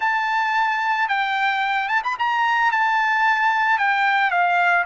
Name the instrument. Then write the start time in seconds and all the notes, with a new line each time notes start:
trumpet
0.00 A5
1.08 G5
1.88 A5
2.03 B5
2.18 A#5
2.71 A5
3.78 G5
4.30 F5